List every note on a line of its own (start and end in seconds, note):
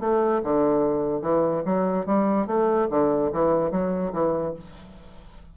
0.00 0.41 A3
0.43 1.22 D3
1.22 1.63 E3
1.65 2.06 F#3
2.06 2.47 G3
2.47 2.88 A3
2.90 3.31 D3
3.32 3.71 E3
3.71 4.12 F#3
4.13 4.54 E3